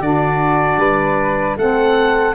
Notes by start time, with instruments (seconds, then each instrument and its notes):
0.00 tuba D3, saxophone D4, flute F#4, oboe D5
0.77 tuba G3, flute B4
1.57 tuba A3, saxophone C4, flute A4, oboe F#5